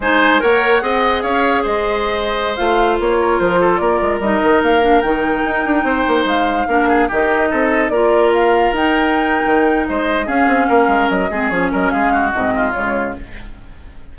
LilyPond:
<<
  \new Staff \with { instrumentName = "flute" } { \time 4/4 \tempo 4 = 146 gis''4 fis''2 f''4 | dis''2~ dis''16 f''4 cis''8.~ | cis''16 c''4 d''4 dis''4 f''8.~ | f''16 g''2. f''8.~ |
f''4~ f''16 dis''2 d''8.~ | d''16 f''4 g''2~ g''8. | dis''4 f''2 dis''4 | cis''8 dis''8 f''4 dis''4 cis''4 | }
  \new Staff \with { instrumentName = "oboe" } { \time 4/4 c''4 cis''4 dis''4 cis''4 | c''2.~ c''8. ais'16~ | ais'8. a'8 ais'2~ ais'8.~ | ais'2~ ais'16 c''4.~ c''16~ |
c''16 ais'8 gis'8 g'4 a'4 ais'8.~ | ais'1 | c''4 gis'4 ais'4. gis'8~ | gis'8 ais'8 gis'8 fis'4 f'4. | }
  \new Staff \with { instrumentName = "clarinet" } { \time 4/4 dis'4 ais'4 gis'2~ | gis'2~ gis'16 f'4.~ f'16~ | f'2~ f'16 dis'4. d'16~ | d'16 dis'2.~ dis'8.~ |
dis'16 d'4 dis'2 f'8.~ | f'4~ f'16 dis'2~ dis'8.~ | dis'4 cis'2~ cis'8 c'8 | cis'2 c'4 gis4 | }
  \new Staff \with { instrumentName = "bassoon" } { \time 4/4 gis4 ais4 c'4 cis'4 | gis2~ gis16 a4 ais8.~ | ais16 f4 ais8 gis8 g8 dis8 ais8.~ | ais16 dis4 dis'8 d'8 c'8 ais8 gis8.~ |
gis16 ais4 dis4 c'4 ais8.~ | ais4~ ais16 dis'4.~ dis'16 dis4 | gis4 cis'8 c'8 ais8 gis8 fis8 gis8 | f8 fis8 gis4 gis,4 cis4 | }
>>